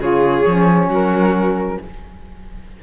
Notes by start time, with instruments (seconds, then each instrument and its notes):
0.00 cello C#3, saxophone F4, violin G#4, flute C#5
0.47 cello F3, saxophone C#4
0.89 cello F#3, violin F#4, flute A#4